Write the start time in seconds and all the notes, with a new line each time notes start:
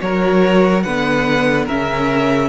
0.00 F#3 F#4 A#4 C#5
0.83 D3 B3 B4 F#5
1.65 C#3 C#4 A#4 E5